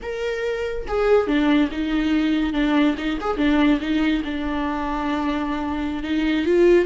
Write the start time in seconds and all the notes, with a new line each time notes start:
0.02 A#4
0.87 G#4
1.27 D4
1.71 D#4
2.53 D4
2.97 D#4
3.20 G#4
3.37 D4
3.80 D#4
4.24 D4
6.03 D#4
6.45 F4